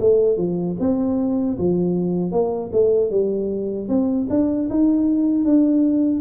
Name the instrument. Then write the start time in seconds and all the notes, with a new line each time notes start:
tuba
0.00 A3
0.37 F3
0.80 C4
1.58 F3
2.32 A#3
2.72 A3
3.10 G3
3.89 C4
4.30 D4
4.70 D#4
5.45 D4